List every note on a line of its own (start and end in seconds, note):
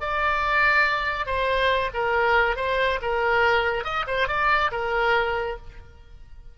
0.00 1.26 D5
1.26 1.90 C5
1.94 2.56 A#4
2.56 2.99 C5
3.02 3.84 A#4
3.84 4.05 D#5
4.07 4.28 C5
4.28 4.71 D5
4.71 5.57 A#4